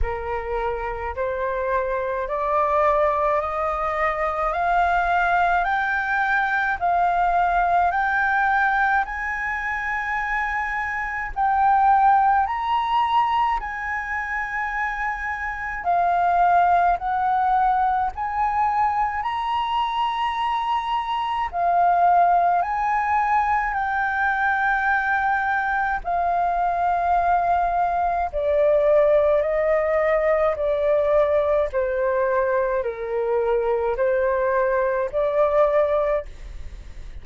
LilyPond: \new Staff \with { instrumentName = "flute" } { \time 4/4 \tempo 4 = 53 ais'4 c''4 d''4 dis''4 | f''4 g''4 f''4 g''4 | gis''2 g''4 ais''4 | gis''2 f''4 fis''4 |
gis''4 ais''2 f''4 | gis''4 g''2 f''4~ | f''4 d''4 dis''4 d''4 | c''4 ais'4 c''4 d''4 | }